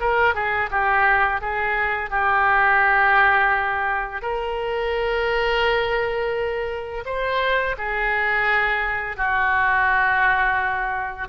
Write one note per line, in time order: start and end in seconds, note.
0.00 0.34 A#4
0.34 0.70 G#4
0.70 1.41 G4
1.41 2.10 G#4
2.10 4.22 G4
4.22 7.04 A#4
7.05 7.76 C5
7.77 9.16 G#4
9.16 11.28 F#4